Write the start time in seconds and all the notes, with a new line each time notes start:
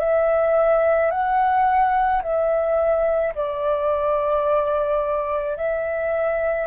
0.00 E5
1.12 F#5
2.23 E5
3.35 D5
5.58 E5